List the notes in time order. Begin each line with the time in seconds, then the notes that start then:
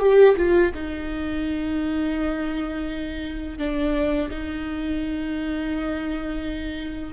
0.00 G4
0.37 F4
0.74 D#4
3.58 D4
4.31 D#4